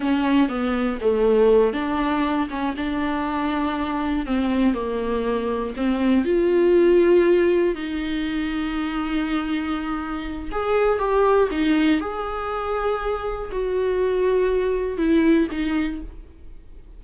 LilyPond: \new Staff \with { instrumentName = "viola" } { \time 4/4 \tempo 4 = 120 cis'4 b4 a4. d'8~ | d'4 cis'8 d'2~ d'8~ | d'8 c'4 ais2 c'8~ | c'8 f'2. dis'8~ |
dis'1~ | dis'4 gis'4 g'4 dis'4 | gis'2. fis'4~ | fis'2 e'4 dis'4 | }